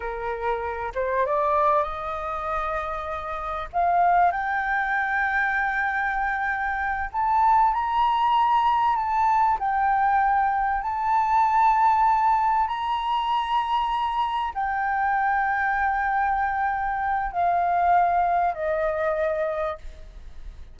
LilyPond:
\new Staff \with { instrumentName = "flute" } { \time 4/4 \tempo 4 = 97 ais'4. c''8 d''4 dis''4~ | dis''2 f''4 g''4~ | g''2.~ g''8 a''8~ | a''8 ais''2 a''4 g''8~ |
g''4. a''2~ a''8~ | a''8 ais''2. g''8~ | g''1 | f''2 dis''2 | }